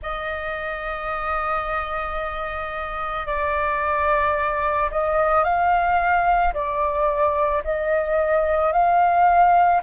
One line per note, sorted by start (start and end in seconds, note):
0.02 3.26 D#5
3.26 4.90 D5
4.91 5.43 D#5
5.43 6.53 F5
6.53 7.62 D5
7.64 8.72 D#5
8.72 9.81 F5